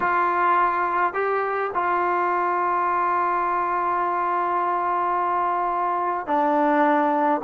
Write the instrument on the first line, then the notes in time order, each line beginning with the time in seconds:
trombone
0.00 F4
1.13 G4
1.74 F4
6.26 D4